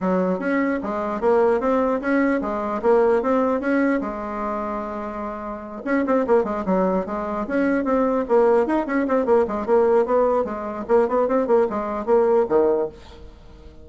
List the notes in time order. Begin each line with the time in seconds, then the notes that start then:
0.01 F#3
0.39 C#4
0.82 G#3
1.20 A#3
1.60 C4
2.00 C#4
2.41 G#3
2.82 A#3
3.22 C4
3.60 C#4
4.01 G#3
5.85 C#4
6.06 C4
6.26 A#3
6.44 G#3
6.65 F#3
7.06 G#3
7.47 C#4
7.84 C4
8.28 A#3
8.66 D#4
8.86 C#4
9.07 C4
9.25 A#3
9.47 G#3
9.66 A#3
10.05 B3
10.44 G#3
10.88 A#3
11.08 B3
11.28 C4
11.47 A#3
11.69 G#3
12.05 A#3
12.48 D#3